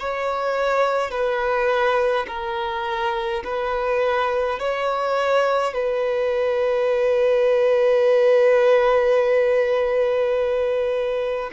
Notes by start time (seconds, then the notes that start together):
0.00 C#5
1.11 B4
2.28 A#4
3.45 B4
4.59 C#5
5.74 B4